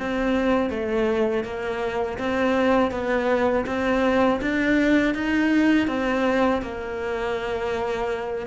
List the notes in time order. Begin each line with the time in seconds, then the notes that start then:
0.00 C4
0.70 A3
1.44 A#3
2.19 C4
2.92 B3
3.67 C4
4.41 D4
5.15 D#4
5.88 C4
6.62 A#3